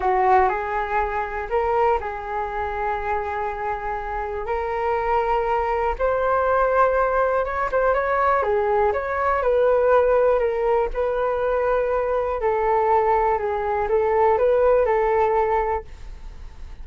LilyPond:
\new Staff \with { instrumentName = "flute" } { \time 4/4 \tempo 4 = 121 fis'4 gis'2 ais'4 | gis'1~ | gis'4 ais'2. | c''2. cis''8 c''8 |
cis''4 gis'4 cis''4 b'4~ | b'4 ais'4 b'2~ | b'4 a'2 gis'4 | a'4 b'4 a'2 | }